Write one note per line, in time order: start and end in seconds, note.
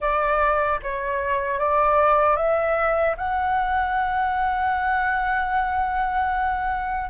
0.00 0.79 D5
0.82 1.59 C#5
1.59 2.36 D5
2.36 3.15 E5
3.17 7.09 F#5